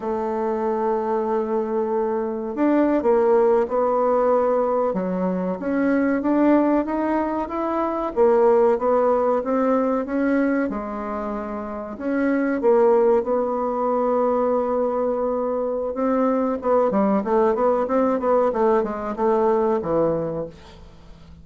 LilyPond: \new Staff \with { instrumentName = "bassoon" } { \time 4/4 \tempo 4 = 94 a1 | d'8. ais4 b2 fis16~ | fis8. cis'4 d'4 dis'4 e'16~ | e'8. ais4 b4 c'4 cis'16~ |
cis'8. gis2 cis'4 ais16~ | ais8. b2.~ b16~ | b4 c'4 b8 g8 a8 b8 | c'8 b8 a8 gis8 a4 e4 | }